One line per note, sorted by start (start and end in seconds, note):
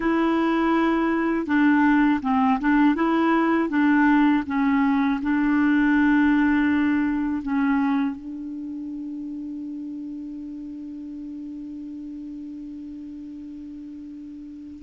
0.00 1.46 E4
1.46 2.20 D4
2.22 2.59 C4
2.59 2.95 D4
2.95 3.69 E4
3.69 4.43 D4
4.46 5.20 C#4
5.22 7.42 D4
7.42 8.16 C#4
8.16 14.82 D4